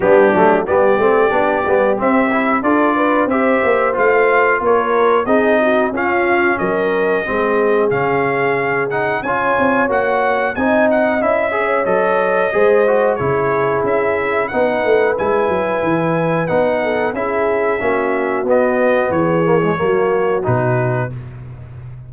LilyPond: <<
  \new Staff \with { instrumentName = "trumpet" } { \time 4/4 \tempo 4 = 91 g'4 d''2 e''4 | d''4 e''4 f''4 cis''4 | dis''4 f''4 dis''2 | f''4. fis''8 gis''4 fis''4 |
gis''8 fis''8 e''4 dis''2 | cis''4 e''4 fis''4 gis''4~ | gis''4 fis''4 e''2 | dis''4 cis''2 b'4 | }
  \new Staff \with { instrumentName = "horn" } { \time 4/4 d'4 g'2. | a'8 b'8 c''2 ais'4 | gis'8 fis'8 f'4 ais'4 gis'4~ | gis'2 cis''2 |
dis''4. cis''4. c''4 | gis'2 b'2~ | b'4. a'8 gis'4 fis'4~ | fis'4 gis'4 fis'2 | }
  \new Staff \with { instrumentName = "trombone" } { \time 4/4 b8 a8 b8 c'8 d'8 b8 c'8 e'8 | f'4 g'4 f'2 | dis'4 cis'2 c'4 | cis'4. dis'8 f'4 fis'4 |
dis'4 e'8 gis'8 a'4 gis'8 fis'8 | e'2 dis'4 e'4~ | e'4 dis'4 e'4 cis'4 | b4. ais16 gis16 ais4 dis'4 | }
  \new Staff \with { instrumentName = "tuba" } { \time 4/4 g8 fis8 g8 a8 b8 g8 c'4 | d'4 c'8 ais8 a4 ais4 | c'4 cis'4 fis4 gis4 | cis2 cis'8 c'8 ais4 |
c'4 cis'4 fis4 gis4 | cis4 cis'4 b8 a8 gis8 fis8 | e4 b4 cis'4 ais4 | b4 e4 fis4 b,4 | }
>>